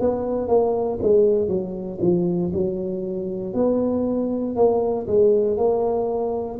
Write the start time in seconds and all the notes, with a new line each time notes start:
0.00 B3
0.48 A#3
1.02 G#3
1.48 F#3
2.01 F3
2.53 F#3
3.54 B3
4.56 A#3
5.07 G#3
5.57 A#3